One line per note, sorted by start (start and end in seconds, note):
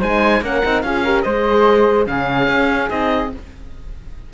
0.00 0.42 G#3
0.00 0.42 D#4
0.00 0.41 C5
0.00 0.44 G#5
0.42 0.62 A#3
0.42 0.63 C#4
0.42 0.84 A#4
0.42 0.82 F#5
0.64 0.83 C4
0.64 0.84 D#4
0.82 1.24 C#4
0.82 1.05 F4
0.82 1.03 G#4
0.82 1.22 F5
1.03 1.26 G4
1.03 1.24 A#4
1.22 2.07 G#3
1.22 2.08 G#4
1.22 2.07 C5
1.22 2.05 D#5
2.07 2.48 C#3
2.07 2.89 C#4
2.07 3.33 G#4
2.07 2.90 F5
2.48 2.89 C#4
2.89 3.32 C4
2.89 3.31 D#4
2.89 3.31 D#5